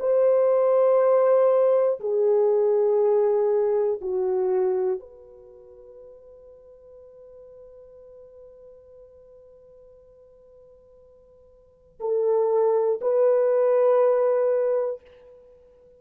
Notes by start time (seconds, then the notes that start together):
0.00 C5
2.00 G#4
4.01 F#4
5.00 B4
12.00 A4
13.01 B4